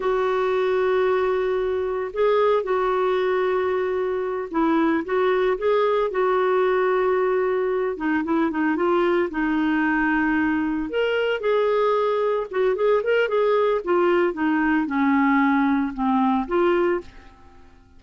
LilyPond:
\new Staff \with { instrumentName = "clarinet" } { \time 4/4 \tempo 4 = 113 fis'1 | gis'4 fis'2.~ | fis'8 e'4 fis'4 gis'4 fis'8~ | fis'2. dis'8 e'8 |
dis'8 f'4 dis'2~ dis'8~ | dis'8 ais'4 gis'2 fis'8 | gis'8 ais'8 gis'4 f'4 dis'4 | cis'2 c'4 f'4 | }